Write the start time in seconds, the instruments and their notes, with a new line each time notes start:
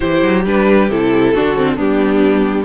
0.00 cello E3, viola E4, violin G4 C5
0.22 cello F#3
0.44 cello G3, viola D4, violin B4
0.89 cello C3, viola E4, violin A4
1.33 cello D3, viola D4, violin F#4
1.55 viola C4
1.76 cello G3, viola B3, violin D4 G4